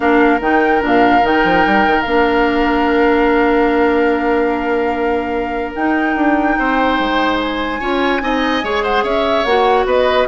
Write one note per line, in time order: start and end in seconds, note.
0.00 0.40 A#3
0.00 0.39 D4
0.00 6.58 A#4
0.00 0.40 F5
0.40 0.81 D#3
0.40 0.80 D#4
0.40 0.82 G5
0.80 1.23 A#2
0.80 1.21 D4
0.86 1.26 F5
1.22 1.44 D#3
1.22 2.04 D#4
1.22 2.01 G5
1.44 1.64 F3
1.66 1.86 G3
1.86 2.05 D#3
2.01 5.74 A#3
2.01 5.76 D4
2.01 5.71 F5
5.74 6.15 D#4
5.74 7.80 D#4
5.74 7.39 G5
6.15 6.56 D4
6.58 6.99 C4
6.58 7.80 C5
6.99 7.80 G#3
7.39 8.82 G#5
7.80 8.21 C#4
7.80 8.20 F4
7.80 8.21 C#5
8.20 8.62 C4
8.20 8.61 D#4
8.20 8.63 D#5
8.63 9.03 G#3
8.63 9.45 G#4
8.63 8.83 C#5
8.82 9.03 C5
8.82 9.03 F#5
9.03 9.44 C#4
9.03 9.85 C#5
9.03 9.43 E5
9.43 9.85 A#3
9.43 10.28 F#4
9.43 9.85 F#5
9.85 10.26 B3
9.85 10.27 B4
9.85 10.28 D#5